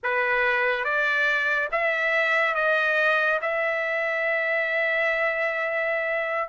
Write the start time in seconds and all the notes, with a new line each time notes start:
0.03 B4
0.84 D5
1.71 E5
2.54 D#5
3.41 E5